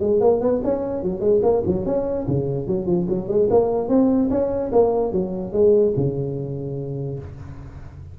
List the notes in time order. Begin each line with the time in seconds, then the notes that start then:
0.00 G#3
0.20 A#3
0.41 B3
0.63 C#4
1.03 F#3
1.20 G#3
1.42 A#3
1.66 F#3
1.86 C#4
2.27 C#3
2.67 F#3
2.86 F3
3.08 F#3
3.28 G#3
3.50 A#3
3.88 C4
4.30 C#4
4.72 A#3
5.12 F#3
5.53 G#3
5.96 C#3